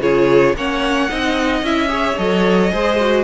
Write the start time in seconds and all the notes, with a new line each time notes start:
0.00 C#3 F4 G#4 C#5
0.55 A#3 C#4 C#5 F#5
1.09 C4 D#4 D#5
1.62 C#4 E4 E5
1.88 G#4 C#5
2.17 F#3 A4 D#5
2.70 G#3 G#4 C5
3.00 F#4